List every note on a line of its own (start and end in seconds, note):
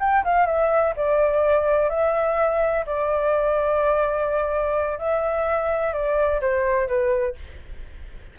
0.00 0.24 G5
0.24 0.46 F5
0.46 0.94 E5
0.96 1.90 D5
1.90 2.85 E5
2.86 4.98 D5
4.98 5.93 E5
5.93 6.40 D5
6.41 6.88 C5
6.88 7.35 B4